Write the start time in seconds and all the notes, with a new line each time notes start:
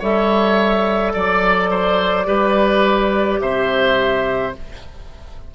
0.00 G3 A4 C#5 E5
1.14 F#3 D5
1.71 C5
2.26 G3 G4 B4
3.40 C3 C5 E5